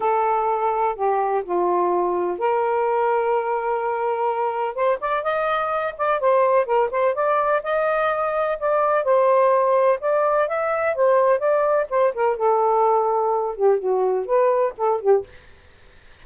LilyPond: \new Staff \with { instrumentName = "saxophone" } { \time 4/4 \tempo 4 = 126 a'2 g'4 f'4~ | f'4 ais'2.~ | ais'2 c''8 d''8 dis''4~ | dis''8 d''8 c''4 ais'8 c''8 d''4 |
dis''2 d''4 c''4~ | c''4 d''4 e''4 c''4 | d''4 c''8 ais'8 a'2~ | a'8 g'8 fis'4 b'4 a'8 g'8 | }